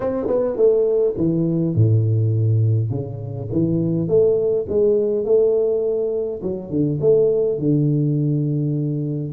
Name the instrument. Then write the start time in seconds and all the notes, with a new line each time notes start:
tuba
0.00 C4
0.27 B3
0.56 A3
1.17 E3
1.75 A2
2.90 C#3
3.52 E3
4.08 A3
4.68 G#3
5.24 A3
6.42 F#3
6.70 D3
7.01 A3
7.59 D3